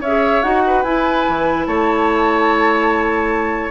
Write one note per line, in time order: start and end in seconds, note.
0.00 0.42 C#4
0.00 0.62 C#5
0.00 0.42 E5
0.06 0.43 G#4
0.42 0.84 D#4
0.42 0.84 F#4
0.42 0.82 F#5
0.66 1.67 B4
0.82 1.25 E4
0.82 3.71 E4
0.82 1.65 G#5
1.28 1.67 E3
1.66 3.71 A3
1.66 3.71 C#5
1.66 3.71 A5